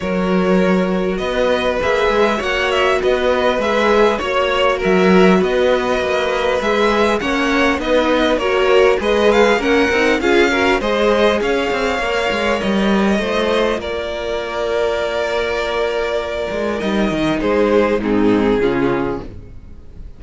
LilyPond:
<<
  \new Staff \with { instrumentName = "violin" } { \time 4/4 \tempo 4 = 100 cis''2 dis''4 e''4 | fis''8 e''8 dis''4 e''4 cis''4 | e''4 dis''2 e''4 | fis''4 dis''4 cis''4 dis''8 f''8 |
fis''4 f''4 dis''4 f''4~ | f''4 dis''2 d''4~ | d''1 | dis''4 c''4 gis'2 | }
  \new Staff \with { instrumentName = "violin" } { \time 4/4 ais'2 b'2 | cis''4 b'2 cis''4 | ais'4 b'2. | cis''4 b'4 ais'4 b'4 |
ais'4 gis'8 ais'8 c''4 cis''4~ | cis''2 c''4 ais'4~ | ais'1~ | ais'4 gis'4 dis'4 f'4 | }
  \new Staff \with { instrumentName = "viola" } { \time 4/4 fis'2. gis'4 | fis'2 gis'4 fis'4~ | fis'2. gis'4 | cis'4 dis'4 fis'4 gis'4 |
cis'8 dis'8 f'8 fis'8 gis'2 | ais'2 f'2~ | f'1 | dis'2 c'4 cis'4 | }
  \new Staff \with { instrumentName = "cello" } { \time 4/4 fis2 b4 ais8 gis8 | ais4 b4 gis4 ais4 | fis4 b4 ais4 gis4 | ais4 b4 ais4 gis4 |
ais8 c'8 cis'4 gis4 cis'8 c'8 | ais8 gis8 g4 a4 ais4~ | ais2.~ ais8 gis8 | g8 dis8 gis4 gis,4 cis4 | }
>>